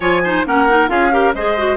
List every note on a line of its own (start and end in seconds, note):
0.00 0.45 F3
0.00 0.23 F4
0.00 0.22 C#5
0.00 0.45 G#5
0.24 0.46 D#4
0.24 0.46 C5
0.46 0.89 A#3
0.46 0.68 C#4
0.46 0.90 A#4
0.46 0.89 F#5
0.68 0.88 D#4
0.88 1.34 C#4
0.88 1.10 F4
0.88 1.12 G#4
0.88 1.34 F5
1.11 1.33 G4
1.11 1.34 A#4
1.34 1.76 G#3
1.34 1.57 G#4
1.34 1.76 C5
1.34 1.76 D#5
1.57 1.76 F#4